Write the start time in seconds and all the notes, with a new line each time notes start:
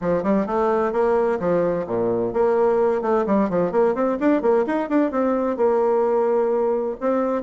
0.01 F3
0.23 G3
0.46 A3
0.92 A#3
1.39 F3
1.86 A#2
2.33 A#3
3.01 A3
3.26 G3
3.49 F3
3.71 A#3
3.94 C4
4.20 D4
4.42 A#3
4.66 D#4
4.89 D4
5.11 C4
5.57 A#3
7.00 C4